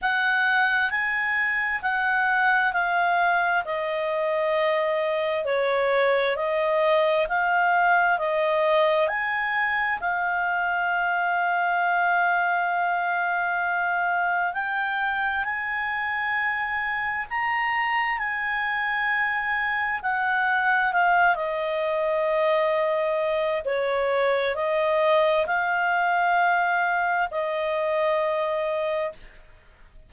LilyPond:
\new Staff \with { instrumentName = "clarinet" } { \time 4/4 \tempo 4 = 66 fis''4 gis''4 fis''4 f''4 | dis''2 cis''4 dis''4 | f''4 dis''4 gis''4 f''4~ | f''1 |
g''4 gis''2 ais''4 | gis''2 fis''4 f''8 dis''8~ | dis''2 cis''4 dis''4 | f''2 dis''2 | }